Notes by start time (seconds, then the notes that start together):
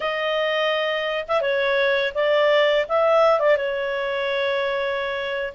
0.00 D#5
1.28 E5
1.41 C#5
2.14 D5
2.88 E5
3.39 D5
3.56 C#5